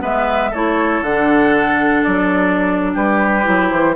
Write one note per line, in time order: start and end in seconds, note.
0.00 0.52 G#3
0.00 0.51 B3
0.00 0.50 B4
0.00 0.54 E5
0.50 1.01 A3
0.50 1.05 E4
0.50 2.92 A4
0.50 1.03 C#5
1.01 2.03 D3
1.01 3.43 D4
1.01 2.03 F#5
2.03 2.95 F#3
2.03 2.92 D5
2.94 3.46 G3
2.94 3.95 G4
2.94 3.69 B4
3.43 3.71 F#3
3.43 3.94 E4
3.69 3.95 E3
3.69 3.95 C5